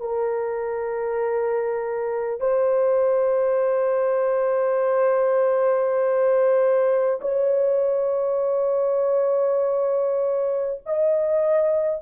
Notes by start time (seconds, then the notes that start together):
0.00 A#4
2.40 C5
7.21 C#5
10.85 D#5